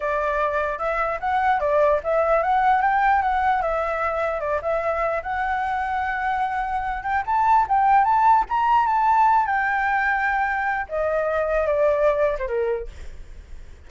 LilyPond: \new Staff \with { instrumentName = "flute" } { \time 4/4 \tempo 4 = 149 d''2 e''4 fis''4 | d''4 e''4 fis''4 g''4 | fis''4 e''2 d''8 e''8~ | e''4 fis''2.~ |
fis''4. g''8 a''4 g''4 | a''4 ais''4 a''4. g''8~ | g''2. dis''4~ | dis''4 d''4.~ d''16 c''16 ais'4 | }